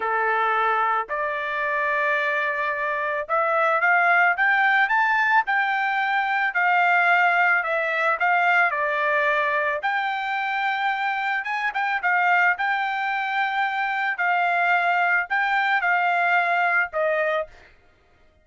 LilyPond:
\new Staff \with { instrumentName = "trumpet" } { \time 4/4 \tempo 4 = 110 a'2 d''2~ | d''2 e''4 f''4 | g''4 a''4 g''2 | f''2 e''4 f''4 |
d''2 g''2~ | g''4 gis''8 g''8 f''4 g''4~ | g''2 f''2 | g''4 f''2 dis''4 | }